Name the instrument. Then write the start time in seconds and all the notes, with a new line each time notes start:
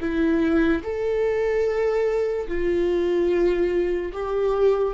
viola
0.00 E4
0.83 A4
2.48 F4
4.12 G4